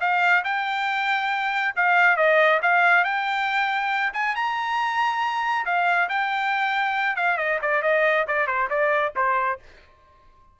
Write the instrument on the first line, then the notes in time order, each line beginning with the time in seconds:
trumpet
0.00 F5
0.44 G5
1.76 F5
2.16 D#5
2.62 F5
3.04 G5
4.13 G#5
4.35 A#5
5.65 F5
6.09 G5
7.16 F5
7.37 D#5
7.62 D5
7.82 D#5
8.27 D5
8.47 C5
8.70 D5
9.16 C5